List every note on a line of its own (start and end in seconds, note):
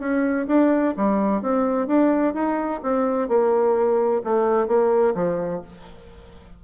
0.00 0.47 C#4
0.48 0.95 D4
0.97 1.42 G3
1.42 1.88 C4
1.88 2.34 D4
2.34 2.81 D#4
2.83 3.29 C4
3.29 4.22 A#3
4.24 4.68 A3
4.68 5.15 A#3
5.15 5.62 F3